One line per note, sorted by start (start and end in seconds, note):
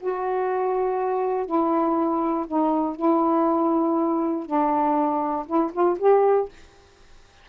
0.00 1.46 F#4
1.46 2.46 E4
2.47 2.96 D#4
2.96 4.46 E4
4.46 5.46 D4
5.47 5.72 E4
5.73 5.98 F4
5.99 6.49 G4